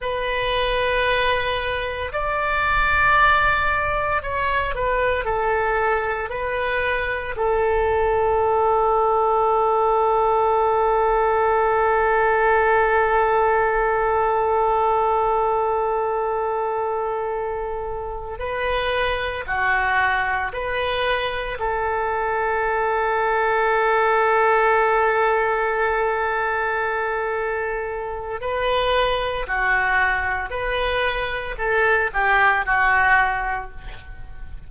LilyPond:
\new Staff \with { instrumentName = "oboe" } { \time 4/4 \tempo 4 = 57 b'2 d''2 | cis''8 b'8 a'4 b'4 a'4~ | a'1~ | a'1~ |
a'4. b'4 fis'4 b'8~ | b'8 a'2.~ a'8~ | a'2. b'4 | fis'4 b'4 a'8 g'8 fis'4 | }